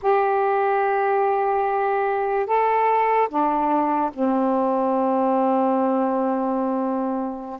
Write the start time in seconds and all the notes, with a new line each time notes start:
0.02 G4
2.46 A4
3.28 D4
4.13 C4